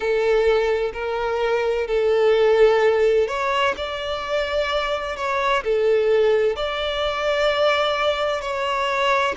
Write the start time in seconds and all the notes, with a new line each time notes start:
0.00 A4
0.93 A#4
1.87 A4
3.27 C#5
3.77 D5
5.16 C#5
5.63 A4
6.56 D5
8.41 C#5